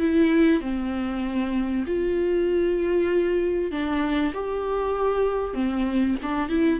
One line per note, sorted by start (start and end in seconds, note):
0.00 0.61 E4
0.61 1.85 C4
1.87 3.71 F4
3.71 4.33 D4
4.34 5.54 G4
5.54 6.16 C4
6.23 6.49 D4
6.49 6.80 E4